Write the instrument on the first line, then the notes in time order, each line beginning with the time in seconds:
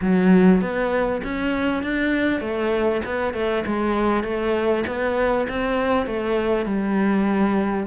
cello
0.01 F#3
0.61 B3
1.23 C#4
1.83 D4
2.40 A3
3.05 B3
3.33 A3
3.66 G#3
4.23 A3
4.86 B3
5.48 C4
6.06 A3
6.65 G3